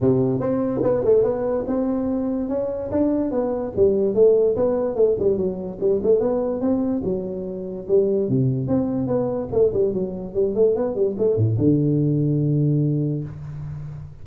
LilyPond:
\new Staff \with { instrumentName = "tuba" } { \time 4/4 \tempo 4 = 145 c4 c'4 b8 a8 b4 | c'2 cis'4 d'4 | b4 g4 a4 b4 | a8 g8 fis4 g8 a8 b4 |
c'4 fis2 g4 | c4 c'4 b4 a8 g8 | fis4 g8 a8 b8 g8 a8 a,8 | d1 | }